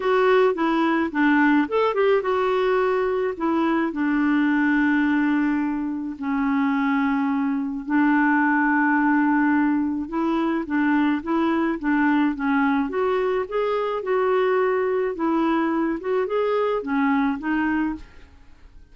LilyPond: \new Staff \with { instrumentName = "clarinet" } { \time 4/4 \tempo 4 = 107 fis'4 e'4 d'4 a'8 g'8 | fis'2 e'4 d'4~ | d'2. cis'4~ | cis'2 d'2~ |
d'2 e'4 d'4 | e'4 d'4 cis'4 fis'4 | gis'4 fis'2 e'4~ | e'8 fis'8 gis'4 cis'4 dis'4 | }